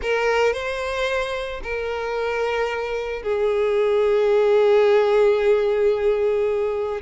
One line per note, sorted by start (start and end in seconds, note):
0.01 0.53 A#4
0.53 1.61 C5
1.63 3.23 A#4
3.23 7.01 G#4